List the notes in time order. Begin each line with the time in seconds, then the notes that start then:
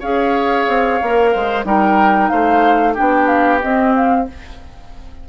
0.00 C#4 G#4 C#5 F5
0.68 C4
1.02 A#3 A#4
1.32 G#3 C5
1.65 G3 D#4 A#4 G5
2.29 A3 C5 F5
2.93 D4 G4 G5
3.00 B3
3.27 F5
3.62 C4 D#5
3.95 F5